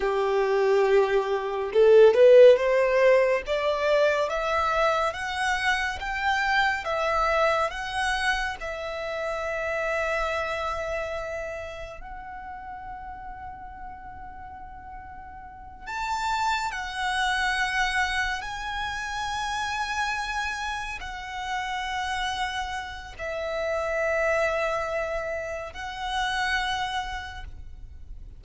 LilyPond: \new Staff \with { instrumentName = "violin" } { \time 4/4 \tempo 4 = 70 g'2 a'8 b'8 c''4 | d''4 e''4 fis''4 g''4 | e''4 fis''4 e''2~ | e''2 fis''2~ |
fis''2~ fis''8 a''4 fis''8~ | fis''4. gis''2~ gis''8~ | gis''8 fis''2~ fis''8 e''4~ | e''2 fis''2 | }